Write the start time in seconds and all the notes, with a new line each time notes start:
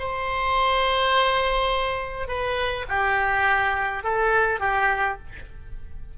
0.00 C5
2.28 B4
2.89 G4
4.04 A4
4.60 G4